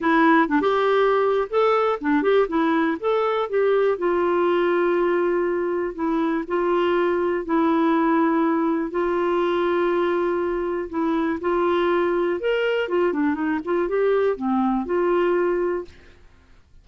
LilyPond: \new Staff \with { instrumentName = "clarinet" } { \time 4/4 \tempo 4 = 121 e'4 d'16 g'4.~ g'16 a'4 | d'8 g'8 e'4 a'4 g'4 | f'1 | e'4 f'2 e'4~ |
e'2 f'2~ | f'2 e'4 f'4~ | f'4 ais'4 f'8 d'8 dis'8 f'8 | g'4 c'4 f'2 | }